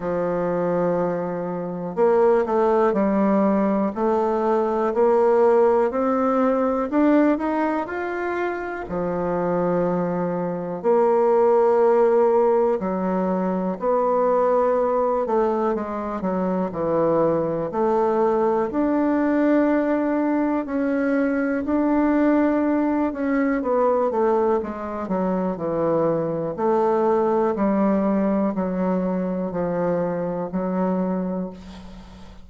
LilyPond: \new Staff \with { instrumentName = "bassoon" } { \time 4/4 \tempo 4 = 61 f2 ais8 a8 g4 | a4 ais4 c'4 d'8 dis'8 | f'4 f2 ais4~ | ais4 fis4 b4. a8 |
gis8 fis8 e4 a4 d'4~ | d'4 cis'4 d'4. cis'8 | b8 a8 gis8 fis8 e4 a4 | g4 fis4 f4 fis4 | }